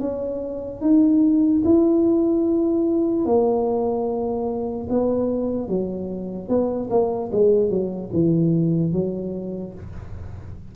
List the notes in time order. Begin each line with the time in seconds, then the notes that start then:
0.00 C#4
0.81 D#4
1.65 E4
3.25 A#3
4.89 B3
5.68 F#3
6.49 B3
6.90 A#3
7.32 G#3
7.70 F#3
8.13 E3
8.93 F#3